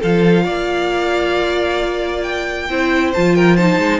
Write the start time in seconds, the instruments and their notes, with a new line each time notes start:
0.00 cello F3, viola F4, violin A4 F5
0.43 cello A#3, violin D5
2.22 violin G5
2.69 cello C4, viola E4, violin C5
3.13 cello F3, viola F4, violin A5
3.35 violin A#4 G5
3.56 viola D#4, violin C5 A5
3.78 cello G#3